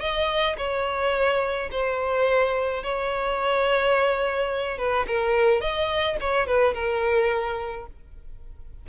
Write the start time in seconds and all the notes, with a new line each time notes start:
0.00 D#5
0.57 C#5
1.71 C5
2.83 C#5
4.78 B4
5.07 A#4
5.60 D#5
6.20 C#5
6.47 B4
6.74 A#4